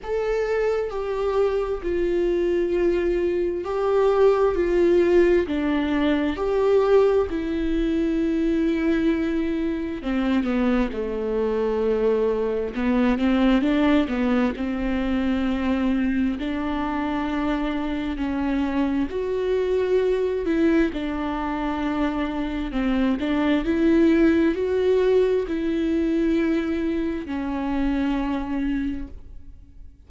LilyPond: \new Staff \with { instrumentName = "viola" } { \time 4/4 \tempo 4 = 66 a'4 g'4 f'2 | g'4 f'4 d'4 g'4 | e'2. c'8 b8 | a2 b8 c'8 d'8 b8 |
c'2 d'2 | cis'4 fis'4. e'8 d'4~ | d'4 c'8 d'8 e'4 fis'4 | e'2 cis'2 | }